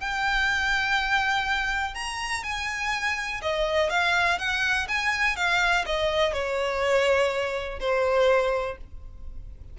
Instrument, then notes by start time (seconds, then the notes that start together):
violin
0.00 G5
1.94 A#5
2.43 G#5
3.42 D#5
3.90 F5
4.38 F#5
4.88 G#5
5.36 F5
5.86 D#5
6.33 C#5
7.80 C5